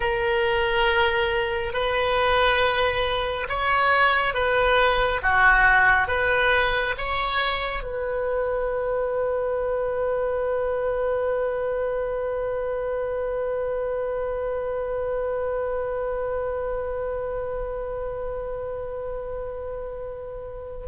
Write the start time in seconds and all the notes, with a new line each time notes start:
0.00 A#4
1.73 B4
3.48 C#5
4.34 B4
5.22 F#4
6.07 B4
6.97 C#5
7.83 B4